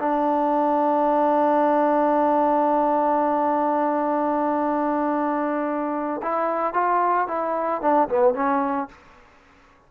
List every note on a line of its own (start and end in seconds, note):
0.00 6.22 D4
6.23 6.74 E4
6.74 7.28 F4
7.28 7.82 E4
7.82 8.09 D4
8.09 8.35 B3
8.35 8.89 C#4